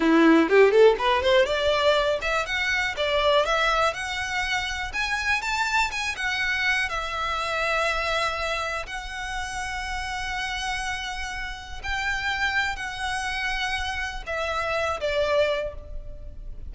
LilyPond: \new Staff \with { instrumentName = "violin" } { \time 4/4 \tempo 4 = 122 e'4 g'8 a'8 b'8 c''8 d''4~ | d''8 e''8 fis''4 d''4 e''4 | fis''2 gis''4 a''4 | gis''8 fis''4. e''2~ |
e''2 fis''2~ | fis''1 | g''2 fis''2~ | fis''4 e''4. d''4. | }